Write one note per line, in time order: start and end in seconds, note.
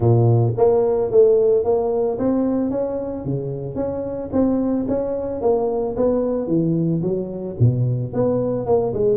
0.00 0.53 A#2
0.57 1.10 A#3
1.10 1.64 A3
1.64 2.17 A#3
2.18 2.70 C4
2.70 3.24 C#4
3.24 3.75 C#3
3.75 4.29 C#4
4.32 4.86 C4
4.88 5.41 C#4
5.41 5.95 A#3
5.96 6.47 B3
6.47 7.01 E3
7.01 7.56 F#3
7.59 8.13 B2
8.13 8.66 B3
8.66 8.93 A#3
8.93 9.16 G#3